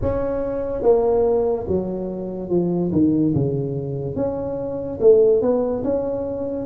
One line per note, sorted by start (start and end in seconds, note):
0.01 0.82 C#4
0.82 1.66 A#3
1.67 2.49 F#3
2.49 2.91 F3
2.92 3.33 D#3
3.34 4.15 C#3
4.15 4.98 C#4
5.00 5.41 A3
5.41 5.83 B3
5.83 6.65 C#4